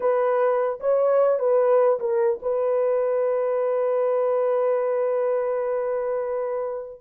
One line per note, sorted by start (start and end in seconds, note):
0.00 0.79 B4
0.80 1.39 C#5
1.39 1.99 B4
1.99 2.39 A#4
2.42 7.01 B4